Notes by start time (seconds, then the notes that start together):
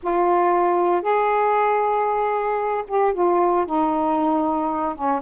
0.03 F4
1.02 G#4
2.87 G4
3.13 F4
3.66 D#4
4.95 C#4